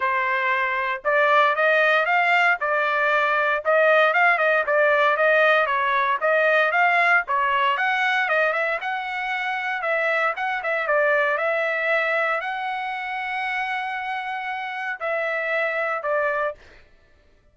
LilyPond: \new Staff \with { instrumentName = "trumpet" } { \time 4/4 \tempo 4 = 116 c''2 d''4 dis''4 | f''4 d''2 dis''4 | f''8 dis''8 d''4 dis''4 cis''4 | dis''4 f''4 cis''4 fis''4 |
dis''8 e''8 fis''2 e''4 | fis''8 e''8 d''4 e''2 | fis''1~ | fis''4 e''2 d''4 | }